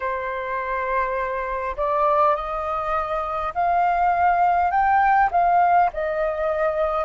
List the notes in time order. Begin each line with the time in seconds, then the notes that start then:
0.00 C5
1.76 D5
2.35 D#5
3.54 F5
4.71 G5
5.30 F5
5.93 D#5